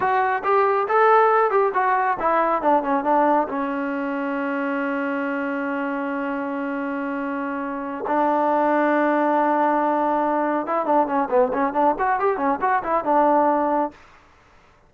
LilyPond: \new Staff \with { instrumentName = "trombone" } { \time 4/4 \tempo 4 = 138 fis'4 g'4 a'4. g'8 | fis'4 e'4 d'8 cis'8 d'4 | cis'1~ | cis'1~ |
cis'2~ cis'8 d'4.~ | d'1~ | d'8 e'8 d'8 cis'8 b8 cis'8 d'8 fis'8 | g'8 cis'8 fis'8 e'8 d'2 | }